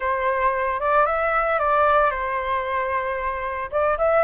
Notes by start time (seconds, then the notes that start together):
0.00 C5
0.80 D5
1.06 E5
1.59 D5
2.10 C5
3.71 D5
3.98 E5